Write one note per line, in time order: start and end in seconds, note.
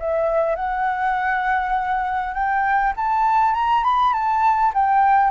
0.00 0.56 E5
0.56 2.34 F#5
2.34 2.94 G5
2.96 3.55 A5
3.55 3.84 A#5
3.84 4.13 B5
4.13 4.73 A5
4.74 5.31 G5